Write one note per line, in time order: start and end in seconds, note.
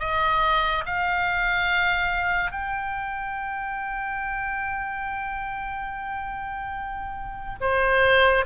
0.00 0.85 D#5
0.86 2.52 F5
2.52 7.59 G5
7.61 8.45 C5